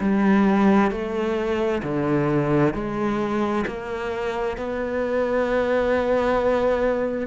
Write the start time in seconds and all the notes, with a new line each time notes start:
0.00 G3
0.91 A3
1.83 D3
2.74 G#3
3.67 A#3
4.57 B3